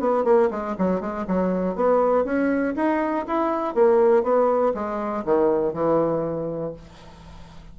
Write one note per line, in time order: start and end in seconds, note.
0.00 0.24 B3
0.24 0.49 A#3
0.50 0.75 G#3
0.78 1.00 F#3
1.00 1.25 G#3
1.27 1.75 F#3
1.75 2.25 B3
2.25 2.75 C#4
2.76 3.26 D#4
3.27 3.75 E4
3.75 4.23 A#3
4.23 4.73 B3
4.74 5.24 G#3
5.25 5.73 D#3
5.73 6.73 E3